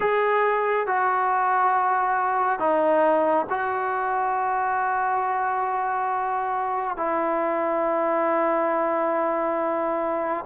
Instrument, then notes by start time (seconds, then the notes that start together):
trombone
0.00 G#4
0.86 F#4
2.59 D#4
3.49 F#4
6.96 E4